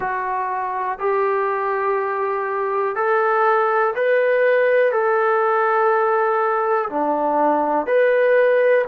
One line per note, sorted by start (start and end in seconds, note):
0.00 0.98 F#4
0.98 2.95 G4
2.95 3.93 A4
3.95 4.92 B4
4.92 6.89 A4
6.89 7.86 D4
7.86 8.84 B4